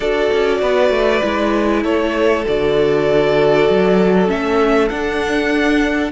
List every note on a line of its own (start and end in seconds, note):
0.00 0.30 D4
0.00 1.21 F#4
0.00 0.58 A4
0.00 1.83 D5
0.32 0.61 C#4
0.61 0.90 B3
0.61 1.83 B4
0.90 1.20 A3
1.21 1.84 G#3
1.21 2.44 E4
1.83 2.45 A3
1.83 6.11 A4
1.83 2.45 C#5
2.45 3.68 D3
2.45 4.27 F#4
2.45 4.29 D5
3.68 4.29 F#3
4.27 4.90 A3
4.27 4.88 C#4
4.27 4.88 E5
4.88 6.12 D4
4.88 6.11 F#5